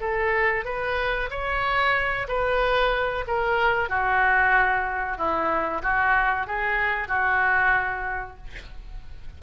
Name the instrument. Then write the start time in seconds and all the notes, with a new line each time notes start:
oboe
0.00 A4
0.65 B4
1.30 C#5
2.28 B4
3.27 A#4
3.89 F#4
5.17 E4
5.82 F#4
6.47 G#4
7.08 F#4